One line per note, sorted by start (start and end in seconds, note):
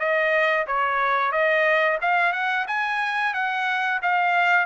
0.00 0.67 D#5
0.68 1.32 C#5
1.32 1.99 D#5
2.02 2.33 F5
2.33 2.66 F#5
2.68 3.34 G#5
3.34 4.01 F#5
4.03 4.67 F5